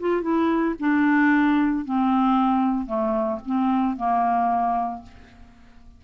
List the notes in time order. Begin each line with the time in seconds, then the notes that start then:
0.00 F4
0.22 E4
0.80 D4
1.85 C4
2.86 A3
3.46 C4
3.97 A#3